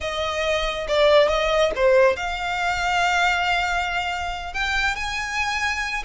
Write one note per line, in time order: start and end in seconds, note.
0.00 0.87 D#5
0.88 1.28 D5
1.28 1.71 D#5
1.75 2.16 C5
2.16 4.53 F5
4.53 4.95 G5
4.95 6.03 G#5